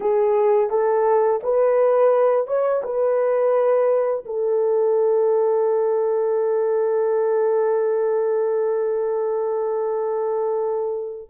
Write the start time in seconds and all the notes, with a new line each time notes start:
0.00 G#4
0.70 A4
1.43 B4
2.47 C#5
2.83 B4
4.25 A4